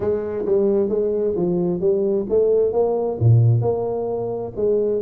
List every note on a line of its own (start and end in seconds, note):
0.00 0.45 G#3
0.45 0.89 G3
0.89 1.34 G#3
1.36 1.80 F3
1.80 2.26 G3
2.29 2.72 A3
2.72 3.17 A#3
3.19 3.61 A#2
3.61 4.52 A#3
4.56 5.01 G#3